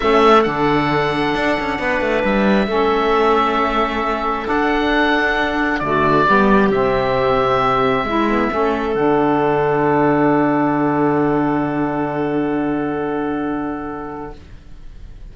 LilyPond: <<
  \new Staff \with { instrumentName = "oboe" } { \time 4/4 \tempo 4 = 134 e''4 fis''2.~ | fis''4 e''2.~ | e''2 fis''2~ | fis''4 d''2 e''4~ |
e''1 | fis''1~ | fis''1~ | fis''1 | }
  \new Staff \with { instrumentName = "clarinet" } { \time 4/4 a'1 | b'2 a'2~ | a'1~ | a'4 fis'4 g'2~ |
g'2 e'4 a'4~ | a'1~ | a'1~ | a'1 | }
  \new Staff \with { instrumentName = "saxophone" } { \time 4/4 cis'4 d'2.~ | d'2 cis'2~ | cis'2 d'2~ | d'4 a4 b4 c'4~ |
c'2 e'8 b8 cis'4 | d'1~ | d'1~ | d'1 | }
  \new Staff \with { instrumentName = "cello" } { \time 4/4 a4 d2 d'8 cis'8 | b8 a8 g4 a2~ | a2 d'2~ | d'4 d4 g4 c4~ |
c2 gis4 a4 | d1~ | d1~ | d1 | }
>>